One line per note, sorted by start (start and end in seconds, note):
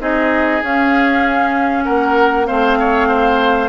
0.00 0.62 C4
0.00 0.62 D#4
0.00 1.85 G#4
0.00 0.63 D#5
0.62 1.86 C#4
0.62 2.47 C#4
0.62 1.85 F5
1.85 2.50 A#3
1.85 2.47 A#4
1.85 2.46 F#5
2.46 3.69 A3
2.46 3.69 C4
2.46 2.78 C5
2.46 3.69 F5
2.79 3.08 C#5
3.08 3.69 C5